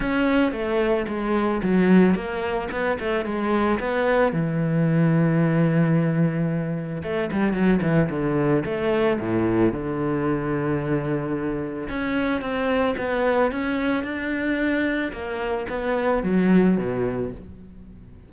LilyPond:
\new Staff \with { instrumentName = "cello" } { \time 4/4 \tempo 4 = 111 cis'4 a4 gis4 fis4 | ais4 b8 a8 gis4 b4 | e1~ | e4 a8 g8 fis8 e8 d4 |
a4 a,4 d2~ | d2 cis'4 c'4 | b4 cis'4 d'2 | ais4 b4 fis4 b,4 | }